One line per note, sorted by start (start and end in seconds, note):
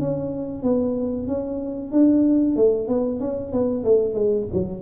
0.00 0.63 C#4
0.63 1.28 B3
1.28 1.92 C#4
1.92 2.57 D4
2.57 2.89 A3
2.89 3.21 B3
3.21 3.53 C#4
3.53 3.84 B3
3.84 4.15 A3
4.15 4.47 G#3
4.54 4.82 F#3